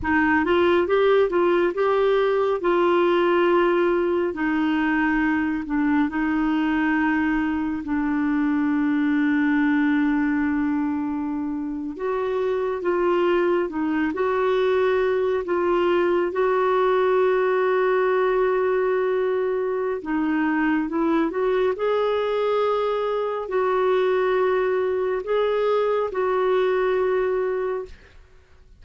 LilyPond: \new Staff \with { instrumentName = "clarinet" } { \time 4/4 \tempo 4 = 69 dis'8 f'8 g'8 f'8 g'4 f'4~ | f'4 dis'4. d'8 dis'4~ | dis'4 d'2.~ | d'4.~ d'16 fis'4 f'4 dis'16~ |
dis'16 fis'4. f'4 fis'4~ fis'16~ | fis'2. dis'4 | e'8 fis'8 gis'2 fis'4~ | fis'4 gis'4 fis'2 | }